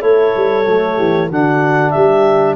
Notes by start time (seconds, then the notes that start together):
0.00 A3 E4 A4 C#5
0.36 G3
0.67 F#3 A3
0.97 E3 G4
1.29 D3 D4 F#4 F#5
1.91 G3 G4 E5